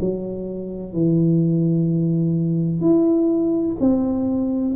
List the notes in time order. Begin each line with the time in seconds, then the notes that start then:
0.00 F#3
0.93 E3
2.81 E4
3.80 C4